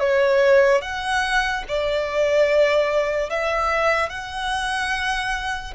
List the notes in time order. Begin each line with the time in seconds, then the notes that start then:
0.00 C#5
0.81 F#5
1.68 D5
3.30 E5
4.09 F#5